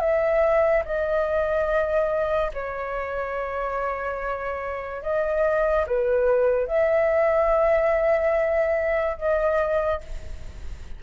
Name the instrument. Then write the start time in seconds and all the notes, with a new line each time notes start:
flute
0.00 E5
0.85 D#5
2.54 C#5
5.02 D#5
5.87 B4
6.67 E5
9.17 D#5